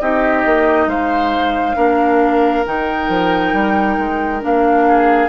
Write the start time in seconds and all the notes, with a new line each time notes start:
0.00 C4 D#4 G4 D#5
0.45 A#3
0.86 G#3 C5 F5
1.75 A#3 D4 A#4
2.65 D#3 D#4 G5
3.08 F3
3.53 G3
3.98 G#3
4.41 A#3 D4 F5
4.87 G#4